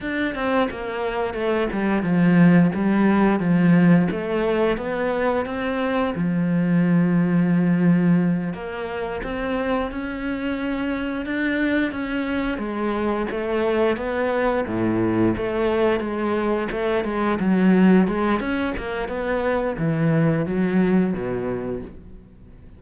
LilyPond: \new Staff \with { instrumentName = "cello" } { \time 4/4 \tempo 4 = 88 d'8 c'8 ais4 a8 g8 f4 | g4 f4 a4 b4 | c'4 f2.~ | f8 ais4 c'4 cis'4.~ |
cis'8 d'4 cis'4 gis4 a8~ | a8 b4 a,4 a4 gis8~ | gis8 a8 gis8 fis4 gis8 cis'8 ais8 | b4 e4 fis4 b,4 | }